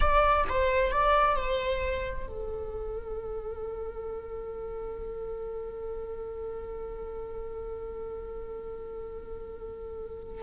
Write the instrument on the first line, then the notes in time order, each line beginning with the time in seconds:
viola
0.00 D5
0.49 C5
0.91 D5
1.36 C5
2.27 A4